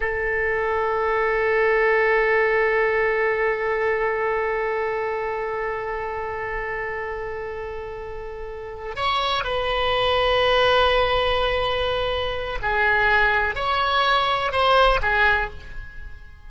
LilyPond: \new Staff \with { instrumentName = "oboe" } { \time 4/4 \tempo 4 = 124 a'1~ | a'1~ | a'1~ | a'1~ |
a'2~ a'8 cis''4 b'8~ | b'1~ | b'2 gis'2 | cis''2 c''4 gis'4 | }